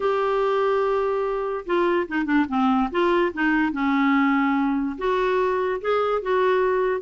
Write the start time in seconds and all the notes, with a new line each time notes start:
0.00 G4
1.66 F4
2.08 D#4
2.25 D4
2.48 C4
2.91 F4
3.33 D#4
3.72 C#4
4.98 F#4
5.81 G#4
6.21 F#4